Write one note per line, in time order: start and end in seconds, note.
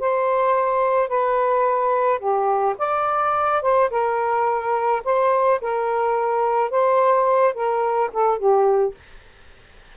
0.00 1.09 C5
1.09 2.19 B4
2.19 2.76 G4
2.79 3.62 D5
3.62 3.90 C5
3.90 5.03 A#4
5.05 5.61 C5
5.62 6.71 A#4
6.71 7.54 C5
7.54 8.11 A#4
8.13 8.39 A4
8.39 8.95 G4